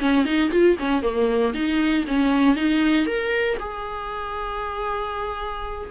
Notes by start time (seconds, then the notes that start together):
0.00 C#4
0.25 D#4
0.51 F4
0.79 C#4
1.02 A#3
1.54 D#4
2.07 C#4
2.56 D#4
3.06 A#4
3.59 G#4